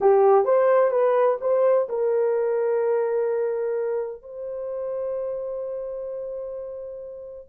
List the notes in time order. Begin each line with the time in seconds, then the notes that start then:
0.00 G4
0.44 C5
0.90 B4
1.41 C5
1.88 A#4
4.22 C5